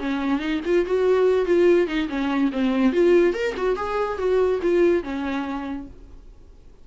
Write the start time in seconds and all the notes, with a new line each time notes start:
0.00 C#4
0.40 D#4
0.66 F4
0.86 F#4
1.46 F4
1.87 D#4
2.09 C#4
2.52 C4
2.93 F4
3.34 A#4
3.57 F#4
3.76 G#4
4.18 F#4
4.62 F4
5.04 C#4